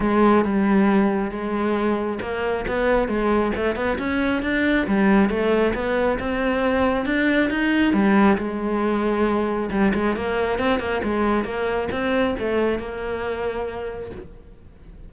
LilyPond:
\new Staff \with { instrumentName = "cello" } { \time 4/4 \tempo 4 = 136 gis4 g2 gis4~ | gis4 ais4 b4 gis4 | a8 b8 cis'4 d'4 g4 | a4 b4 c'2 |
d'4 dis'4 g4 gis4~ | gis2 g8 gis8 ais4 | c'8 ais8 gis4 ais4 c'4 | a4 ais2. | }